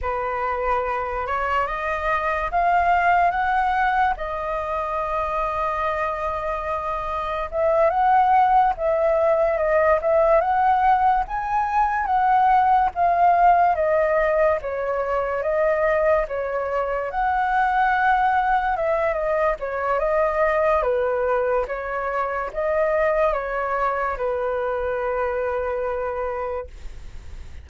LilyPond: \new Staff \with { instrumentName = "flute" } { \time 4/4 \tempo 4 = 72 b'4. cis''8 dis''4 f''4 | fis''4 dis''2.~ | dis''4 e''8 fis''4 e''4 dis''8 | e''8 fis''4 gis''4 fis''4 f''8~ |
f''8 dis''4 cis''4 dis''4 cis''8~ | cis''8 fis''2 e''8 dis''8 cis''8 | dis''4 b'4 cis''4 dis''4 | cis''4 b'2. | }